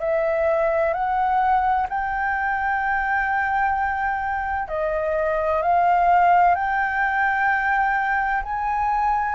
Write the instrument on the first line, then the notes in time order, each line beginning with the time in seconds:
flute
0.00 E5
0.93 F#5
1.89 G5
4.68 D#5
5.62 F5
6.55 G5
8.43 G#5